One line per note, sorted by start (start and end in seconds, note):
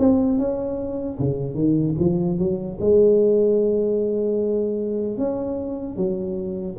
0.00 0.39 C4
0.39 1.19 C#4
1.20 1.55 C#3
1.55 1.95 D#3
2.00 2.39 F3
2.39 2.79 F#3
2.81 5.18 G#3
5.18 5.97 C#4
5.97 6.77 F#3